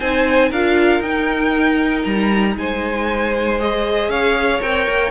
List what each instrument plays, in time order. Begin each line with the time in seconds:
0.00 cello C4, viola D#4, violin C5 G#5
0.49 cello D4, viola F4, violin A#4 F5
1.00 cello D#4, viola D#4, violin G5
2.04 cello G3, violin A#5
2.55 cello G#3, violin C5 G#5
3.59 viola G#4, violin D#5
4.09 cello C#4, violin C#5 F5
4.62 cello C4, viola A#4, violin G5
4.89 cello A#3